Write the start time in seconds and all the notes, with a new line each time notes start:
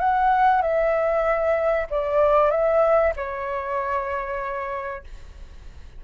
0.00 F#5
0.62 E5
1.91 D5
2.51 E5
3.16 C#5